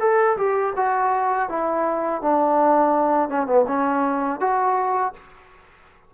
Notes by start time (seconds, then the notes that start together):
0.00 A4
0.37 G4
0.76 F#4
1.49 E4
2.22 D4
3.29 C#4
3.47 B3
3.67 C#4
4.40 F#4